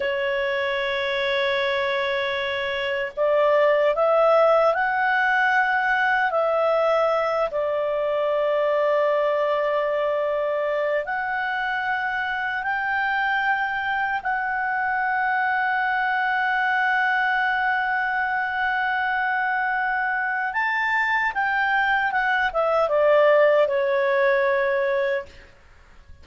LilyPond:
\new Staff \with { instrumentName = "clarinet" } { \time 4/4 \tempo 4 = 76 cis''1 | d''4 e''4 fis''2 | e''4. d''2~ d''8~ | d''2 fis''2 |
g''2 fis''2~ | fis''1~ | fis''2 a''4 g''4 | fis''8 e''8 d''4 cis''2 | }